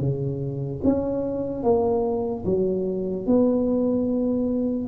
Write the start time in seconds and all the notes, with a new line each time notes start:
0.00 C#3
0.84 C#4
1.64 A#3
2.46 F#3
3.27 B3